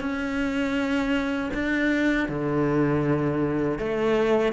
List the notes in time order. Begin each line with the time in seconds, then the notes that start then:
0.00 C#4
1.54 D4
2.28 D3
3.78 A3